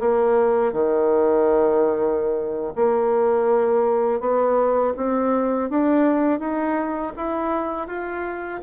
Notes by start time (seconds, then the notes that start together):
0.00 A#3
0.73 D#3
2.75 A#3
4.20 B3
4.97 C4
5.70 D4
6.40 D#4
7.17 E4
7.88 F4